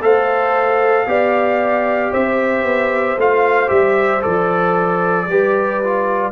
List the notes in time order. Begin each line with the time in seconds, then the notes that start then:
0.00 A3 A4 C5 F5
1.06 B3 G4 D5
2.11 C4 C5 E5
2.63 B3
3.17 A3 F4 F5
3.67 G3 G4 E5
4.21 F3 A4 D5
5.27 G3 G4 B4
5.83 F4